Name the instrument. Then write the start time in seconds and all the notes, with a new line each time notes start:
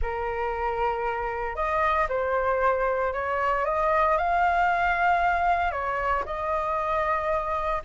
flute
0.01 A#4
1.55 D#5
2.08 C5
3.13 C#5
3.65 D#5
4.17 F5
5.71 C#5
6.25 D#5